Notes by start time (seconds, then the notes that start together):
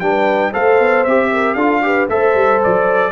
0.00 G3 D4 B4 G5
0.51 A3 A4 C5 F5
0.80 B3
1.04 C4 G4 E5
1.32 A#4
1.54 D4 F4 A4 F5
1.82 G4 B4
2.09 A3 A4 C5 E5
2.35 G3
2.63 F#3 D5